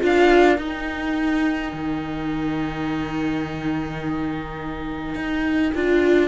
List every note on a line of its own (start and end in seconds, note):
0.00 0.58 D4
0.00 0.57 F4
0.00 6.28 A#4
0.00 0.61 F5
0.58 1.72 D#4
0.58 5.73 D#4
0.58 6.28 G5
1.73 5.15 D#3
5.15 5.72 D#4
5.75 6.28 D4
5.75 6.28 F4